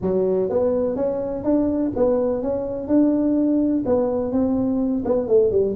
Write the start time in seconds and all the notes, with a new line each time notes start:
0.01 F#3
0.49 B3
0.96 C#4
1.44 D4
1.96 B3
2.42 C#4
2.87 D4
3.85 B3
4.32 C4
5.05 B3
5.28 A3
5.51 G3